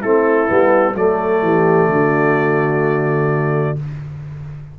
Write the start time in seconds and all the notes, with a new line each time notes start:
0.00 A3 C4 E4 A4
0.48 G3 B3
0.94 F#3 A3 A4 D5
1.42 E3 G4
1.89 D3 F#4